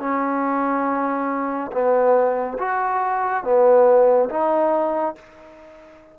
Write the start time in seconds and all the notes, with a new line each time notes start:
0.00 C#4
1.72 B3
2.58 F#4
3.44 B3
4.30 D#4